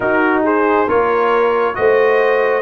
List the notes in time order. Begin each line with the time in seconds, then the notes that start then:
0.00 D#4 F#4 A#4
0.43 G#4 C5
0.86 A#3 F4 A#4 C#5
1.74 A3 F#4 C5 D#5